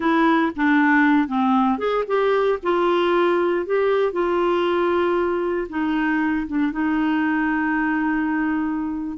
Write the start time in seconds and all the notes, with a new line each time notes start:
0.00 E4
0.55 D4
1.27 C4
1.78 G#4
2.07 G4
2.62 F4
3.66 G4
4.12 F4
5.69 D#4
6.47 D4
6.72 D#4